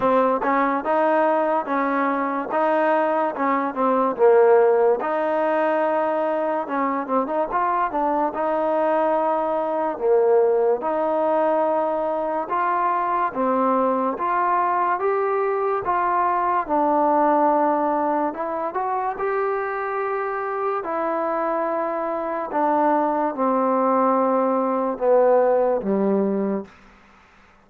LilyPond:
\new Staff \with { instrumentName = "trombone" } { \time 4/4 \tempo 4 = 72 c'8 cis'8 dis'4 cis'4 dis'4 | cis'8 c'8 ais4 dis'2 | cis'8 c'16 dis'16 f'8 d'8 dis'2 | ais4 dis'2 f'4 |
c'4 f'4 g'4 f'4 | d'2 e'8 fis'8 g'4~ | g'4 e'2 d'4 | c'2 b4 g4 | }